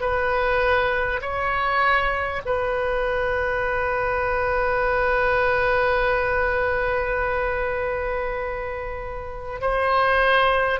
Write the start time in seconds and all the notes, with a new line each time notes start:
0.00 B4
1.21 C#5
2.45 B4
9.61 C5